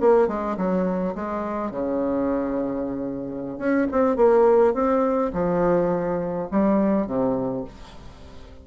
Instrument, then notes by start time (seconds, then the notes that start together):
bassoon
0.00 A#3
0.27 G#3
0.57 F#3
1.14 G#3
1.71 C#3
3.58 C#4
3.91 C4
4.16 A#3
4.73 C4
5.33 F3
6.50 G3
7.06 C3